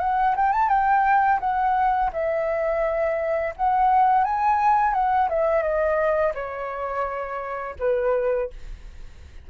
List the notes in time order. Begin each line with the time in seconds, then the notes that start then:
0.00 F#5
0.36 G5
0.53 A5
0.69 G5
1.40 F#5
2.13 E5
3.57 F#5
4.24 G#5
4.94 F#5
5.29 E5
5.62 D#5
6.35 C#5
7.79 B4